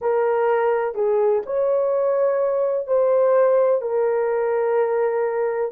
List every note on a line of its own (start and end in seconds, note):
0.01 0.94 A#4
0.94 1.42 G#4
1.45 2.87 C#5
2.87 3.81 C5
3.81 5.71 A#4